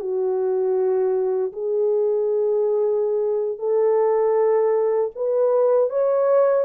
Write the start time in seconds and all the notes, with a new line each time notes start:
0.00 F#4
1.52 G#4
3.58 A4
5.15 B4
5.89 C#5